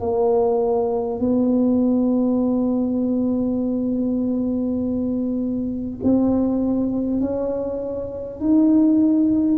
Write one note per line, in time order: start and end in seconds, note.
0.00 1.19 A#3
1.19 5.99 B3
6.03 7.20 C4
7.20 8.39 C#4
8.39 9.57 D#4